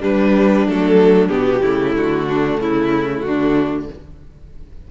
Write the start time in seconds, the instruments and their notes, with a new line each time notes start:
0.00 viola G3, cello G3, violin D4 B4
0.67 cello F#3, viola A3, violin A4
1.29 cello B2, viola B3, violin G4
1.61 cello C#3, viola A3, violin E4
1.95 cello D3, violin F#4
2.28 violin D4
2.59 cello C#3, violin E4
3.21 cello D3, violin D4 F#4